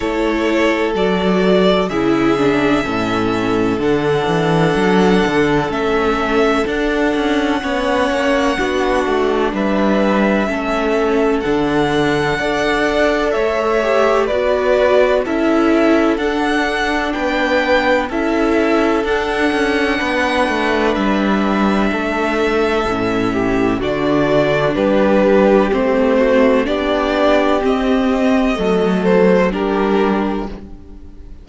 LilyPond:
<<
  \new Staff \with { instrumentName = "violin" } { \time 4/4 \tempo 4 = 63 cis''4 d''4 e''2 | fis''2 e''4 fis''4~ | fis''2 e''2 | fis''2 e''4 d''4 |
e''4 fis''4 g''4 e''4 | fis''2 e''2~ | e''4 d''4 b'4 c''4 | d''4 dis''4. c''8 ais'4 | }
  \new Staff \with { instrumentName = "violin" } { \time 4/4 a'2 gis'4 a'4~ | a'1 | cis''4 fis'4 b'4 a'4~ | a'4 d''4 cis''4 b'4 |
a'2 b'4 a'4~ | a'4 b'2 a'4~ | a'8 g'8 fis'4 g'4. fis'8 | g'2 a'4 g'4 | }
  \new Staff \with { instrumentName = "viola" } { \time 4/4 e'4 fis'4 e'8 d'8 cis'4 | d'2 cis'4 d'4 | cis'4 d'2 cis'4 | d'4 a'4. g'8 fis'4 |
e'4 d'2 e'4 | d'1 | cis'4 d'2 c'4 | d'4 c'4 a4 d'4 | }
  \new Staff \with { instrumentName = "cello" } { \time 4/4 a4 fis4 cis4 a,4 | d8 e8 fis8 d8 a4 d'8 cis'8 | b8 ais8 b8 a8 g4 a4 | d4 d'4 a4 b4 |
cis'4 d'4 b4 cis'4 | d'8 cis'8 b8 a8 g4 a4 | a,4 d4 g4 a4 | b4 c'4 fis4 g4 | }
>>